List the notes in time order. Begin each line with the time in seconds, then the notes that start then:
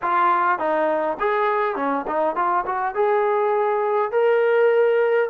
0.02 F4
0.58 D#4
1.19 G#4
1.75 C#4
2.07 D#4
2.35 F4
2.66 F#4
2.94 G#4
4.11 A#4